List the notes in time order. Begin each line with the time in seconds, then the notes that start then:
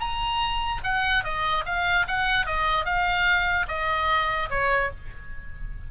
0.00 A#5
0.83 F#5
1.24 D#5
1.65 F5
2.07 F#5
2.46 D#5
2.85 F5
3.68 D#5
4.50 C#5